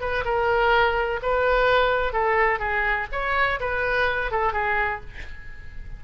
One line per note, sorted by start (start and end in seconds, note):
0.00 0.24 B4
0.24 1.20 A#4
1.22 2.12 B4
2.12 2.59 A4
2.59 3.07 G#4
3.12 3.59 C#5
3.60 4.31 B4
4.31 4.53 A4
4.53 5.00 G#4